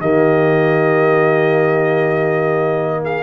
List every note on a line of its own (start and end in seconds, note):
0.00 3.23 D#3
0.00 3.23 A#3
0.00 3.03 G4
0.00 3.05 D#5
3.03 3.23 G#4
3.03 3.23 F5